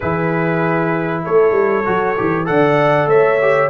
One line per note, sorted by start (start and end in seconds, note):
0.00 1.26 E3
0.00 1.84 E4
0.00 1.23 G#4
0.00 1.23 B4
1.23 1.51 A3
1.23 2.47 A4
1.23 2.46 C#5
1.51 1.82 G3
1.84 2.19 F#3
1.84 2.15 F#4
2.17 2.49 E3
2.17 2.45 G4
2.45 3.06 D3
2.45 3.38 A4
2.45 3.09 D5
2.45 3.08 F#5
3.06 3.68 A3
3.06 3.69 C#5
3.06 3.69 E5
3.41 3.69 G4